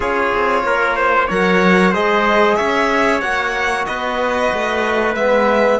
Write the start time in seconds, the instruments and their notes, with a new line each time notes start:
0.00 cello C#4, trombone F4, trumpet G#4, violin C#5
0.34 cello C4
0.63 cello A#3, trumpet A#4
0.96 trumpet C5
1.27 cello F#3, trombone A#4, trumpet C#5, violin F#5
1.91 cello G#3, trombone G#4, trumpet C5, violin D#5
2.56 cello C#4, trumpet C#5, violin E5
3.20 cello A#3, trombone F#4, violin F#5
3.85 cello B3, trumpet B4, violin D#5
4.53 cello A3
5.15 cello G#3, trombone B3, violin E5